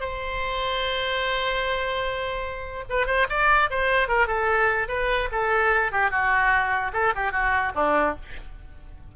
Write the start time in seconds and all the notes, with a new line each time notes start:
0.00 C5
2.89 B4
3.06 C5
3.29 D5
3.70 C5
4.08 A#4
4.27 A4
4.88 B4
5.31 A4
5.91 G4
6.10 F#4
6.93 A4
7.15 G4
7.31 F#4
7.75 D4